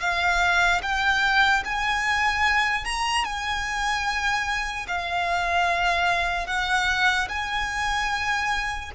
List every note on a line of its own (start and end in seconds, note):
0.00 0.81 F5
0.82 1.63 G5
1.64 2.85 G#5
2.85 3.24 A#5
3.24 4.86 G#5
4.87 6.47 F5
6.47 7.28 F#5
7.29 8.91 G#5